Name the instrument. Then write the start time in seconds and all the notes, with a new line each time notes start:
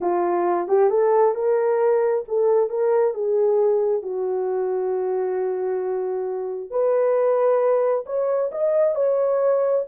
horn
0.01 F4
0.68 G4
0.90 A4
1.34 A#4
2.27 A4
2.69 A#4
3.14 G#4
4.02 F#4
6.70 B4
8.06 C#5
8.51 D#5
8.95 C#5